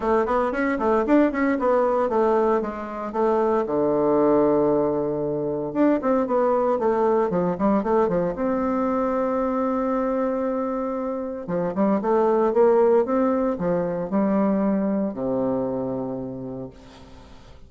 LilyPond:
\new Staff \with { instrumentName = "bassoon" } { \time 4/4 \tempo 4 = 115 a8 b8 cis'8 a8 d'8 cis'8 b4 | a4 gis4 a4 d4~ | d2. d'8 c'8 | b4 a4 f8 g8 a8 f8 |
c'1~ | c'2 f8 g8 a4 | ais4 c'4 f4 g4~ | g4 c2. | }